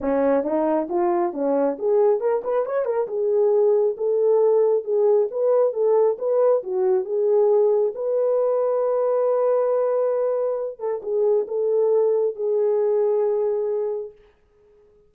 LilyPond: \new Staff \with { instrumentName = "horn" } { \time 4/4 \tempo 4 = 136 cis'4 dis'4 f'4 cis'4 | gis'4 ais'8 b'8 cis''8 ais'8 gis'4~ | gis'4 a'2 gis'4 | b'4 a'4 b'4 fis'4 |
gis'2 b'2~ | b'1~ | b'8 a'8 gis'4 a'2 | gis'1 | }